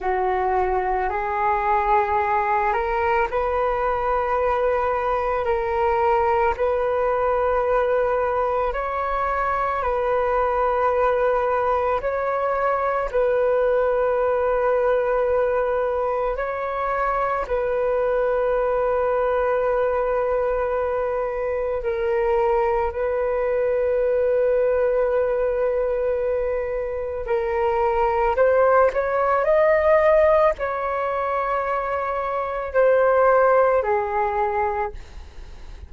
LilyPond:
\new Staff \with { instrumentName = "flute" } { \time 4/4 \tempo 4 = 55 fis'4 gis'4. ais'8 b'4~ | b'4 ais'4 b'2 | cis''4 b'2 cis''4 | b'2. cis''4 |
b'1 | ais'4 b'2.~ | b'4 ais'4 c''8 cis''8 dis''4 | cis''2 c''4 gis'4 | }